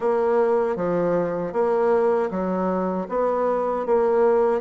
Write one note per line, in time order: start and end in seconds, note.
0.00 0.76 A#3
0.76 1.52 F3
1.52 2.29 A#3
2.30 3.07 F#3
3.08 3.85 B3
3.85 4.61 A#3